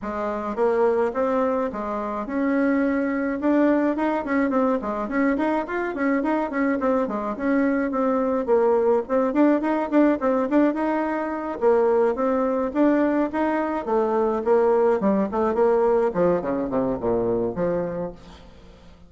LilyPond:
\new Staff \with { instrumentName = "bassoon" } { \time 4/4 \tempo 4 = 106 gis4 ais4 c'4 gis4 | cis'2 d'4 dis'8 cis'8 | c'8 gis8 cis'8 dis'8 f'8 cis'8 dis'8 cis'8 | c'8 gis8 cis'4 c'4 ais4 |
c'8 d'8 dis'8 d'8 c'8 d'8 dis'4~ | dis'8 ais4 c'4 d'4 dis'8~ | dis'8 a4 ais4 g8 a8 ais8~ | ais8 f8 cis8 c8 ais,4 f4 | }